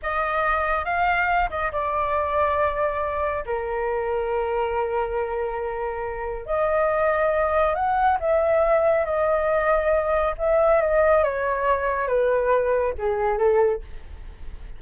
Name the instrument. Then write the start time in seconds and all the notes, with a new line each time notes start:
flute
0.02 D#5
0.85 F5
1.50 D#5
1.71 D5
3.45 A#4
6.46 D#5
7.74 F#5
8.20 E5
9.05 D#5
10.38 E5
10.81 D#5
11.23 C#5
12.07 B4
12.98 G#4
13.38 A4